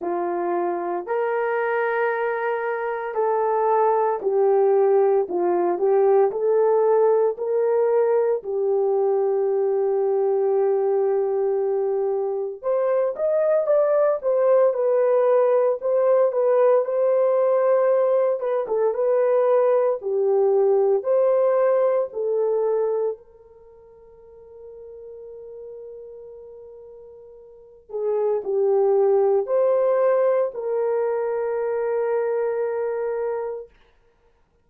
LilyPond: \new Staff \with { instrumentName = "horn" } { \time 4/4 \tempo 4 = 57 f'4 ais'2 a'4 | g'4 f'8 g'8 a'4 ais'4 | g'1 | c''8 dis''8 d''8 c''8 b'4 c''8 b'8 |
c''4. b'16 a'16 b'4 g'4 | c''4 a'4 ais'2~ | ais'2~ ais'8 gis'8 g'4 | c''4 ais'2. | }